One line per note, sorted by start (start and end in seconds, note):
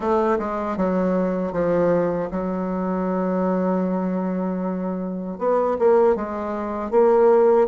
0.00 0.38 A3
0.38 0.76 G#3
0.76 1.52 F#3
1.52 2.29 F3
2.30 5.38 F#3
5.38 5.77 B3
5.78 6.15 A#3
6.15 6.91 G#3
6.91 7.67 A#3